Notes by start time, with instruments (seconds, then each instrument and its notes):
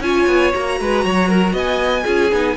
0.00 cello C#4, viola F4, violin C#5 G#5
0.27 cello B3
0.52 cello A#3, viola F#4, violin A#5
0.80 cello G#3, violin B4
1.05 cello F#3, violin C#5
1.29 violin A#4
1.53 cello B3, violin D#5 G#5
2.04 cello C#4, viola F4, violin G#4
2.32 cello B3, viola D#4